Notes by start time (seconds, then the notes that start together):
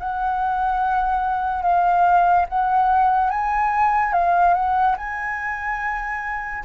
0.00 F#5
1.62 F5
2.49 F#5
3.31 G#5
4.13 F5
4.54 F#5
4.98 G#5